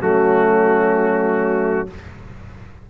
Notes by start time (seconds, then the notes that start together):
0.00 F#3 A3 C#4 F#4